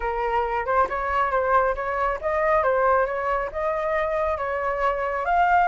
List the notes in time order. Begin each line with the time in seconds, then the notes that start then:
0.00 A#4
0.65 C5
0.89 C#5
1.31 C5
1.75 C#5
2.21 D#5
2.63 C5
3.06 C#5
3.52 D#5
4.37 C#5
5.25 F5